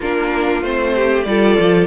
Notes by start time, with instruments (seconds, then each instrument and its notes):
0.00 cello A#3, viola D4, violin F4 A#4
0.62 cello A3, viola C4, violin C5
0.95 violin G4
1.23 cello G3, viola F4, violin A4 D5
1.59 cello F3